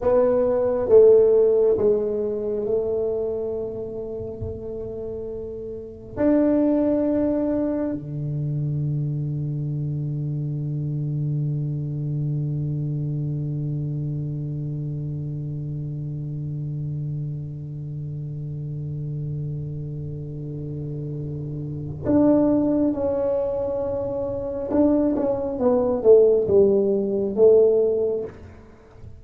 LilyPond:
\new Staff \with { instrumentName = "tuba" } { \time 4/4 \tempo 4 = 68 b4 a4 gis4 a4~ | a2. d'4~ | d'4 d2.~ | d1~ |
d1~ | d1~ | d4 d'4 cis'2 | d'8 cis'8 b8 a8 g4 a4 | }